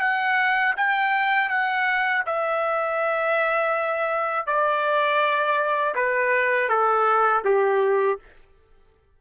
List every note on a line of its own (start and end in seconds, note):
0.00 0.74 F#5
0.76 1.49 G5
1.49 2.23 F#5
2.26 4.46 E5
4.46 5.95 D5
5.95 6.69 B4
6.69 7.43 A4
7.44 8.19 G4